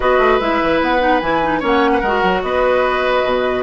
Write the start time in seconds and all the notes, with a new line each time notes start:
0.00 B3 F#4 B4 D#5
0.18 A3
0.39 G#3 E4 E5
0.62 E3
0.81 B3 F#5
1.00 D#4
1.20 E3 E4 G#5
1.43 D#4
1.59 A#3 C#4 C#5
1.65 F#5
1.92 B4
2.00 G#3 A#4
2.06 F#4
2.22 F#3
2.42 B3 B4 D#5
3.24 B2